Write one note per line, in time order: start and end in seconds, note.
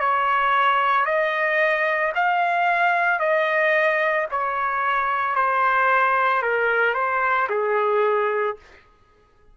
0.00 1.06 C#5
1.06 2.13 D#5
2.15 3.19 F5
3.19 4.27 D#5
4.31 5.35 C#5
5.35 6.42 C5
6.42 6.94 A#4
6.94 7.48 C5
7.50 8.57 G#4